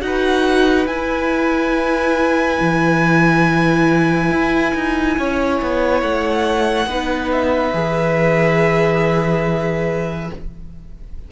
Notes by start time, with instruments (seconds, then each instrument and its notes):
0.00 cello D#4, viola F#4, violin B4 F#5
0.86 cello E4, viola E4, violin G#5
2.59 cello E3
4.30 cello E4
4.74 cello D#4
5.17 cello C#4, violin C#5
5.61 cello B3
6.02 cello A3, violin F#5
6.86 cello B3, viola D#4, violin B4
7.31 violin E5
7.73 cello E3, viola G#4